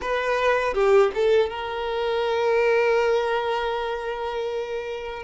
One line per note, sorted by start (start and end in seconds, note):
0.01 0.73 B4
0.73 1.11 G4
1.14 1.49 A4
1.49 5.23 A#4